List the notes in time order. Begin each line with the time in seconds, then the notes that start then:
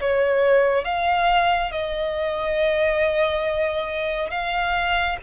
0.00 C#5
0.84 F5
1.71 D#5
4.30 F5